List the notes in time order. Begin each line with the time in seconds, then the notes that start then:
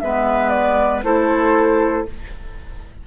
0.00 G#3 B3 B4 E5
0.49 D5
1.03 A3 E4 A4 C5